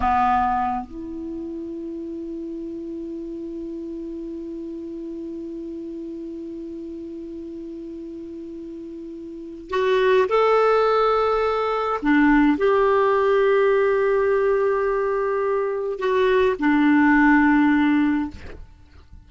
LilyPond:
\new Staff \with { instrumentName = "clarinet" } { \time 4/4 \tempo 4 = 105 b4. e'2~ e'8~ | e'1~ | e'1~ | e'1~ |
e'4 fis'4 a'2~ | a'4 d'4 g'2~ | g'1 | fis'4 d'2. | }